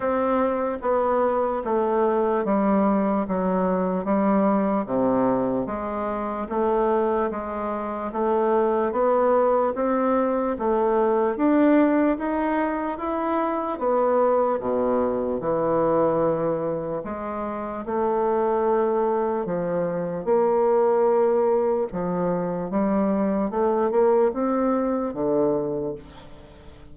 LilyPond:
\new Staff \with { instrumentName = "bassoon" } { \time 4/4 \tempo 4 = 74 c'4 b4 a4 g4 | fis4 g4 c4 gis4 | a4 gis4 a4 b4 | c'4 a4 d'4 dis'4 |
e'4 b4 b,4 e4~ | e4 gis4 a2 | f4 ais2 f4 | g4 a8 ais8 c'4 d4 | }